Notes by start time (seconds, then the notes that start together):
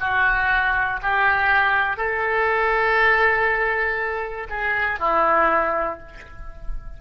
0.00 F#4
1.02 G4
1.96 A4
4.50 G#4
4.99 E4